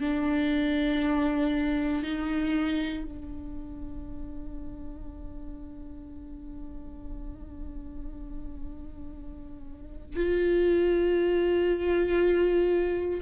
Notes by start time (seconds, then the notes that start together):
0.00 D4
2.03 D#4
3.04 D4
10.16 F4